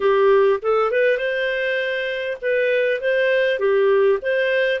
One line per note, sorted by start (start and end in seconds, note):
0.00 0.60 G4
0.62 0.91 A4
0.91 1.17 B4
1.17 2.37 C5
2.41 3.00 B4
3.00 3.59 C5
3.59 4.19 G4
4.22 4.80 C5